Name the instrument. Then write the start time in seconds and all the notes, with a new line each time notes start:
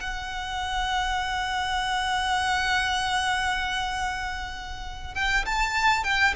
violin
0.00 F#5
5.14 G5
5.45 A5
6.03 G5